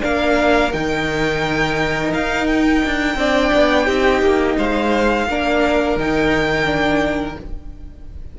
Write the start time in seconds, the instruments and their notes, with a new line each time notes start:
0.00 cello A#3, viola D4, violin A#4 F5
0.72 cello D#3, viola D#4, violin G5
2.13 cello D#4, violin F5
2.46 violin G5
2.85 cello D4
3.15 cello C4, viola D4, violin D5
3.53 cello B3
3.85 cello C4, viola D#4, violin G4
4.22 cello A#3
4.57 cello G#3, violin C5 F5
5.27 cello A#3, viola D4, violin A#4
5.96 cello D#3, viola D#4, violin G5
6.65 viola D4